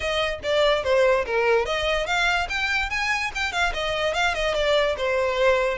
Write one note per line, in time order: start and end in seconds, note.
0.00 0.39 D#5
0.43 0.83 D5
0.83 1.25 C5
1.25 1.65 A#4
1.65 2.06 D#5
2.06 2.47 F5
2.49 2.90 G5
2.90 3.31 G#5
3.34 3.52 G5
3.52 3.73 F5
3.73 4.14 D#5
4.14 4.34 F5
4.34 4.54 D#5
4.54 4.96 D5
4.97 5.77 C5